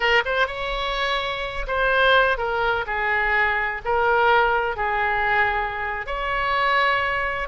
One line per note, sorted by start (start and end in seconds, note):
0.00 0.22 A#4
0.25 0.47 C5
0.47 1.66 C#5
1.67 2.37 C5
2.37 2.85 A#4
2.86 3.81 G#4
3.84 4.76 A#4
4.76 6.06 G#4
6.06 7.48 C#5